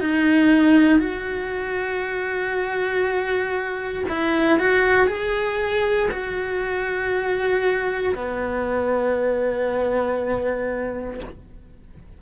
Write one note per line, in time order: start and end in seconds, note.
0.00 0.99 D#4
0.99 4.04 F#4
4.09 4.59 E4
4.59 5.08 F#4
5.08 6.09 G#4
6.11 8.14 F#4
8.15 11.20 B3